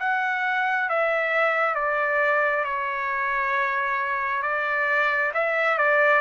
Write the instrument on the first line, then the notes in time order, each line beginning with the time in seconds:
trumpet
0.00 F#5
0.90 E5
1.75 D5
2.65 C#5
4.43 D5
5.34 E5
5.78 D5